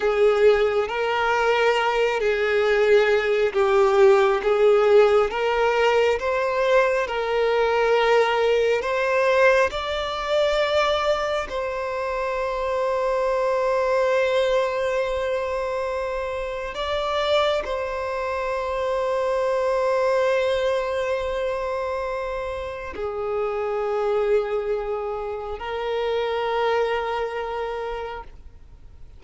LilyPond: \new Staff \with { instrumentName = "violin" } { \time 4/4 \tempo 4 = 68 gis'4 ais'4. gis'4. | g'4 gis'4 ais'4 c''4 | ais'2 c''4 d''4~ | d''4 c''2.~ |
c''2. d''4 | c''1~ | c''2 gis'2~ | gis'4 ais'2. | }